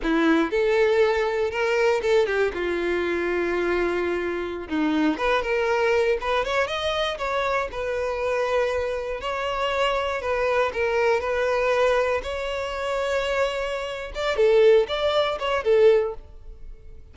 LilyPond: \new Staff \with { instrumentName = "violin" } { \time 4/4 \tempo 4 = 119 e'4 a'2 ais'4 | a'8 g'8 f'2.~ | f'4~ f'16 dis'4 b'8 ais'4~ ais'16~ | ais'16 b'8 cis''8 dis''4 cis''4 b'8.~ |
b'2~ b'16 cis''4.~ cis''16~ | cis''16 b'4 ais'4 b'4.~ b'16~ | b'16 cis''2.~ cis''8. | d''8 a'4 d''4 cis''8 a'4 | }